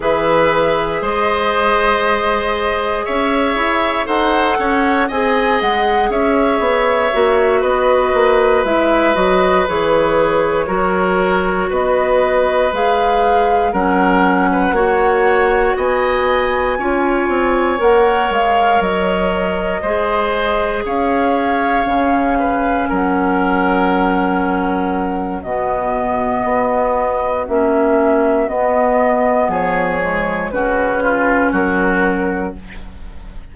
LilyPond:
<<
  \new Staff \with { instrumentName = "flute" } { \time 4/4 \tempo 4 = 59 e''4 dis''2 e''4 | fis''4 gis''8 fis''8 e''4. dis''8~ | dis''8 e''8 dis''8 cis''2 dis''8~ | dis''8 f''4 fis''2 gis''8~ |
gis''4. fis''8 f''8 dis''4.~ | dis''8 f''2 fis''4.~ | fis''4 dis''2 e''4 | dis''4 cis''4 b'4 ais'4 | }
  \new Staff \with { instrumentName = "oboe" } { \time 4/4 b'4 c''2 cis''4 | c''8 cis''8 dis''4 cis''4. b'8~ | b'2~ b'8 ais'4 b'8~ | b'4. ais'8. b'16 cis''4 dis''8~ |
dis''8 cis''2. c''8~ | c''8 cis''4. b'8 ais'4.~ | ais'4 fis'2.~ | fis'4 gis'4 fis'8 f'8 fis'4 | }
  \new Staff \with { instrumentName = "clarinet" } { \time 4/4 gis'1 | a'4 gis'2 fis'4~ | fis'8 e'8 fis'8 gis'4 fis'4.~ | fis'8 gis'4 cis'4 fis'4.~ |
fis'8 f'4 ais'2 gis'8~ | gis'4. cis'2~ cis'8~ | cis'4 b2 cis'4 | b4. gis8 cis'2 | }
  \new Staff \with { instrumentName = "bassoon" } { \time 4/4 e4 gis2 cis'8 e'8 | dis'8 cis'8 c'8 gis8 cis'8 b8 ais8 b8 | ais8 gis8 fis8 e4 fis4 b8~ | b8 gis4 fis4 ais4 b8~ |
b8 cis'8 c'8 ais8 gis8 fis4 gis8~ | gis8 cis'4 cis4 fis4.~ | fis4 b,4 b4 ais4 | b4 f4 cis4 fis4 | }
>>